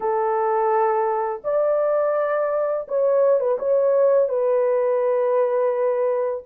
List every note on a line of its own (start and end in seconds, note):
0.00 1.41 A4
1.44 2.87 D5
2.87 3.39 C#5
3.39 3.57 B4
3.58 4.29 C#5
4.29 6.43 B4